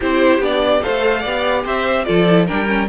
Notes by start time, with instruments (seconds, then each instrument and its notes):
0.00 cello C4, viola E4, violin G4 C5
0.39 cello B3, viola D4, violin D5
0.82 cello A3, viola A4, violin C5 F5
1.20 cello B3, violin D5
1.26 viola G4
1.64 cello C4, violin C5 E5
2.04 cello F3, viola F4, violin A4 D5
2.28 viola E4
2.46 cello G3, viola D4, violin A#4 G5
2.66 viola C#4